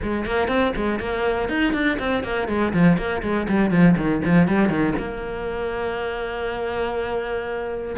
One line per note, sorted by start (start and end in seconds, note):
0.02 0.25 G#3
0.25 0.48 A#3
0.48 0.72 C4
0.76 0.99 G#3
0.99 1.48 A#3
1.48 1.73 D#4
1.73 1.97 D4
1.99 2.23 C4
2.23 2.47 A#3
2.47 2.72 G#3
2.73 2.97 F3
2.97 3.22 A#3
3.22 3.47 G#3
3.48 3.70 G3
3.70 3.95 F3
3.96 4.21 D#3
4.25 4.47 F3
4.47 4.69 G3
4.69 4.93 D#3
4.98 7.95 A#3